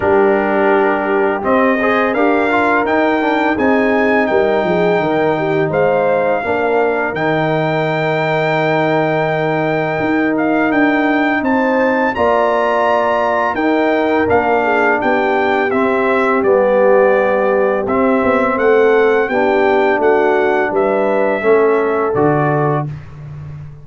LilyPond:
<<
  \new Staff \with { instrumentName = "trumpet" } { \time 4/4 \tempo 4 = 84 ais'2 dis''4 f''4 | g''4 gis''4 g''2 | f''2 g''2~ | g''2~ g''8 f''8 g''4 |
a''4 ais''2 g''4 | f''4 g''4 e''4 d''4~ | d''4 e''4 fis''4 g''4 | fis''4 e''2 d''4 | }
  \new Staff \with { instrumentName = "horn" } { \time 4/4 g'2~ g'8 c''8 ais'4~ | ais'4 gis'4 ais'8 gis'8 ais'8 g'8 | c''4 ais'2.~ | ais'1 |
c''4 d''2 ais'4~ | ais'8 gis'8 g'2.~ | g'2 a'4 g'4 | fis'4 b'4 a'2 | }
  \new Staff \with { instrumentName = "trombone" } { \time 4/4 d'2 c'8 gis'8 g'8 f'8 | dis'8 d'8 dis'2.~ | dis'4 d'4 dis'2~ | dis'1~ |
dis'4 f'2 dis'4 | d'2 c'4 b4~ | b4 c'2 d'4~ | d'2 cis'4 fis'4 | }
  \new Staff \with { instrumentName = "tuba" } { \time 4/4 g2 c'4 d'4 | dis'4 c'4 g8 f8 dis4 | gis4 ais4 dis2~ | dis2 dis'4 d'4 |
c'4 ais2 dis'4 | ais4 b4 c'4 g4~ | g4 c'8 b8 a4 b4 | a4 g4 a4 d4 | }
>>